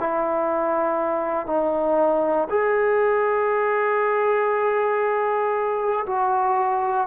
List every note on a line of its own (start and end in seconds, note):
0.00 1.47 E4
1.47 2.48 D#4
2.50 6.06 G#4
6.07 7.08 F#4